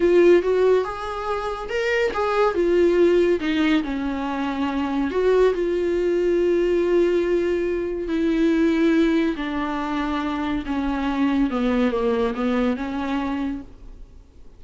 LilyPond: \new Staff \with { instrumentName = "viola" } { \time 4/4 \tempo 4 = 141 f'4 fis'4 gis'2 | ais'4 gis'4 f'2 | dis'4 cis'2. | fis'4 f'2.~ |
f'2. e'4~ | e'2 d'2~ | d'4 cis'2 b4 | ais4 b4 cis'2 | }